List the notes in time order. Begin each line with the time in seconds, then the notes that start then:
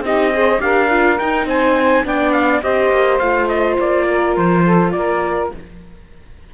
0.00 C4 D#4 G4 D#5
0.32 G#4 C5
0.59 D4 G4 A#4 F5
0.89 F4
1.18 D#4 G5
1.44 C4 C5 G#5
2.04 B3 D4 D5 G5
2.32 F5
2.62 C4 G4 C5 D#5
2.90 A#3
3.19 A3 F4 F5
3.48 D#5
3.78 A#3 D5
4.08 A#4
4.36 F3 C5
4.64 A4
4.92 A#3 A#4 D5